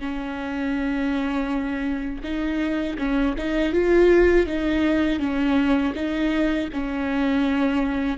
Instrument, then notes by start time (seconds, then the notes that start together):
viola
0.00 C#4
2.24 D#4
2.98 C#4
3.38 D#4
3.73 F4
4.47 D#4
5.20 C#4
5.95 D#4
6.73 C#4